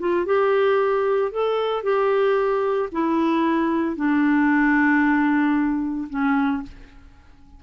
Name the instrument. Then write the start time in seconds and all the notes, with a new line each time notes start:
clarinet
0.00 F4
0.26 G4
1.32 A4
1.84 G4
2.92 E4
3.96 D4
6.10 C#4